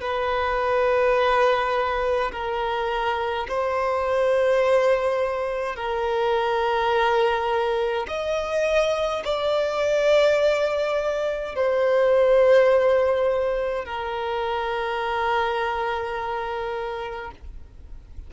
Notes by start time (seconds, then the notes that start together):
0.00 B4
2.31 A#4
3.48 C5
5.75 A#4
8.07 D#5
9.24 D5
11.55 C5
13.85 A#4